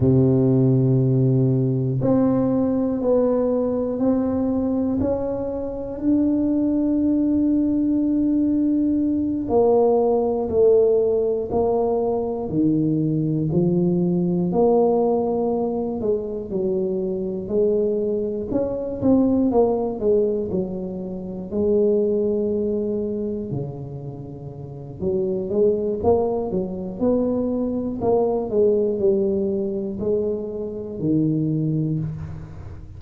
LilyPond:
\new Staff \with { instrumentName = "tuba" } { \time 4/4 \tempo 4 = 60 c2 c'4 b4 | c'4 cis'4 d'2~ | d'4. ais4 a4 ais8~ | ais8 dis4 f4 ais4. |
gis8 fis4 gis4 cis'8 c'8 ais8 | gis8 fis4 gis2 cis8~ | cis4 fis8 gis8 ais8 fis8 b4 | ais8 gis8 g4 gis4 dis4 | }